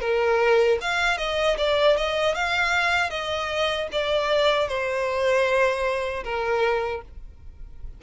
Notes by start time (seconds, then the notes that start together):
0.00 A#4
0.81 F5
1.17 D#5
1.58 D5
1.97 D#5
2.34 F5
3.10 D#5
3.92 D5
4.68 C5
6.24 A#4